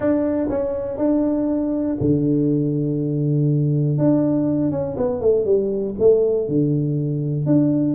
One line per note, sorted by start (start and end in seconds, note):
0.00 0.48 D4
0.49 0.97 C#4
0.97 1.96 D4
2.00 3.97 D3
3.97 4.71 D4
4.71 4.96 C#4
4.97 5.20 B3
5.20 5.45 A3
5.45 5.95 G3
5.99 6.48 A3
6.48 7.46 D3
7.46 7.94 D4